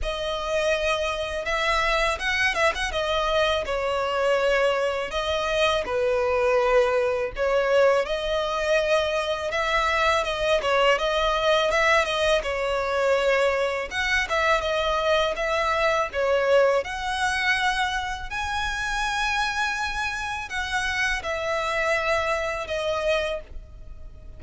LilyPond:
\new Staff \with { instrumentName = "violin" } { \time 4/4 \tempo 4 = 82 dis''2 e''4 fis''8 e''16 fis''16 | dis''4 cis''2 dis''4 | b'2 cis''4 dis''4~ | dis''4 e''4 dis''8 cis''8 dis''4 |
e''8 dis''8 cis''2 fis''8 e''8 | dis''4 e''4 cis''4 fis''4~ | fis''4 gis''2. | fis''4 e''2 dis''4 | }